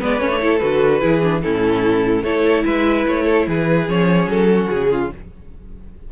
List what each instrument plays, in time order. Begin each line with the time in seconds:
0.00 cello G#3, viola B3, violin B4 D5
0.19 cello A3, viola C#4, violin C#5
0.31 viola D4
0.40 viola E4, violin A4
0.58 cello D3, viola F#4, violin B4
1.01 cello E3, viola E4, violin G#4
1.22 viola D4
1.42 cello A2, viola C#4, violin E4 A4
2.23 cello A3, viola E4, violin A4 C#5
2.64 cello G#3, violin B4 E5
3.07 cello A3, violin C#5
3.25 violin A4
3.47 cello E3, violin G#4 B4
3.88 cello F3, viola C#4, violin C#5
4.27 cello F#3, violin A4
4.52 violin F#4
4.69 cello C#3, violin G#4
4.91 violin F4